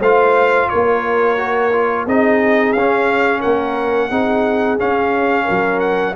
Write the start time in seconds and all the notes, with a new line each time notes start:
0.00 A3 F4 C5 F5
0.69 A#3 A#4 C#5
1.38 F#4
1.73 F4
2.06 C4 D#4 G#4 D#5
2.73 C#4 F5
3.40 A#3 A#4 F#5
4.10 C4 D#4 G#4
4.79 C#4 F5
5.45 F#3 A#4
5.80 F#5